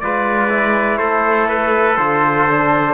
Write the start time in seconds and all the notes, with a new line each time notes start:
0.00 G#3 F4 B4 D5
0.49 E4
0.97 A3 A4 C5
1.48 B4
1.97 D3 F4 C5
2.48 D4